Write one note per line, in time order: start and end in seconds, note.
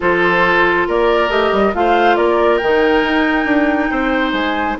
0.00 0.87 F3
0.00 1.30 F4
0.00 0.87 A4
0.00 0.88 C5
0.87 1.29 A#3
0.87 1.74 A#4
0.87 1.30 D5
1.29 1.51 A3
1.29 1.73 G4
1.29 1.74 D#5
1.52 1.74 G3
1.74 2.17 A3
1.74 2.61 F4
1.74 2.16 C5
1.74 2.16 F5
2.16 2.60 A#3
2.16 3.90 A#4
2.16 2.57 D5
2.57 3.03 D#3
2.57 4.79 D#4
2.57 4.31 G5
3.03 3.45 D#4
3.45 3.88 D4
3.91 4.32 C4
3.91 4.78 C5
4.32 4.76 G#3
4.32 4.76 G#5